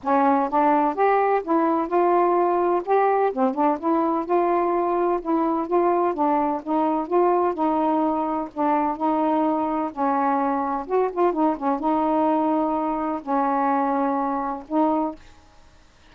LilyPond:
\new Staff \with { instrumentName = "saxophone" } { \time 4/4 \tempo 4 = 127 cis'4 d'4 g'4 e'4 | f'2 g'4 c'8 d'8 | e'4 f'2 e'4 | f'4 d'4 dis'4 f'4 |
dis'2 d'4 dis'4~ | dis'4 cis'2 fis'8 f'8 | dis'8 cis'8 dis'2. | cis'2. dis'4 | }